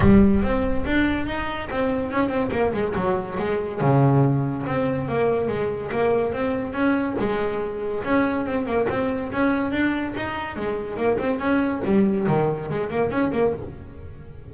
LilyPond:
\new Staff \with { instrumentName = "double bass" } { \time 4/4 \tempo 4 = 142 g4 c'4 d'4 dis'4 | c'4 cis'8 c'8 ais8 gis8 fis4 | gis4 cis2 c'4 | ais4 gis4 ais4 c'4 |
cis'4 gis2 cis'4 | c'8 ais8 c'4 cis'4 d'4 | dis'4 gis4 ais8 c'8 cis'4 | g4 dis4 gis8 ais8 cis'8 ais8 | }